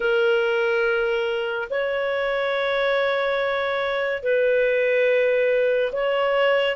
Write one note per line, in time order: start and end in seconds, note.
0.00 1.68 A#4
1.69 4.23 C#5
4.23 5.92 B4
5.92 6.76 C#5